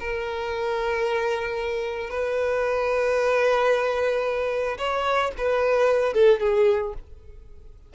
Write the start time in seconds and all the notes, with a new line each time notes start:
0.00 A#4
2.10 B4
4.78 C#5
5.38 B4
6.14 A4
6.40 G#4